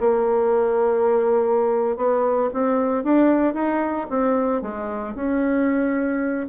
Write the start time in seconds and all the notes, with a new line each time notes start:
0.00 A#3
1.96 B3
2.53 C4
3.04 D4
3.54 D#4
4.10 C4
4.61 G#3
5.15 C#4